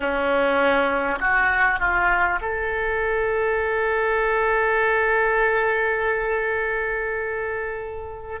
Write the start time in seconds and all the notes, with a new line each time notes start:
0.00 C#4
1.19 F#4
1.79 F4
2.41 A4